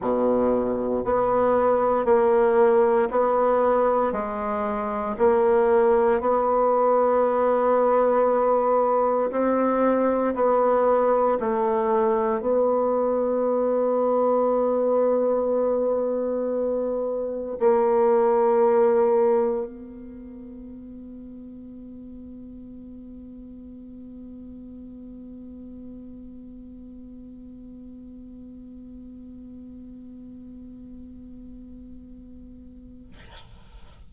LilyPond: \new Staff \with { instrumentName = "bassoon" } { \time 4/4 \tempo 4 = 58 b,4 b4 ais4 b4 | gis4 ais4 b2~ | b4 c'4 b4 a4 | b1~ |
b4 ais2 b4~ | b1~ | b1~ | b1 | }